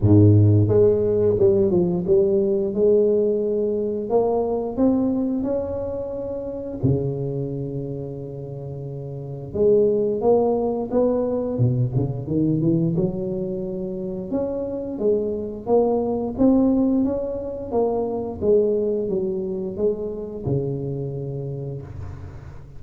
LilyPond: \new Staff \with { instrumentName = "tuba" } { \time 4/4 \tempo 4 = 88 gis,4 gis4 g8 f8 g4 | gis2 ais4 c'4 | cis'2 cis2~ | cis2 gis4 ais4 |
b4 b,8 cis8 dis8 e8 fis4~ | fis4 cis'4 gis4 ais4 | c'4 cis'4 ais4 gis4 | fis4 gis4 cis2 | }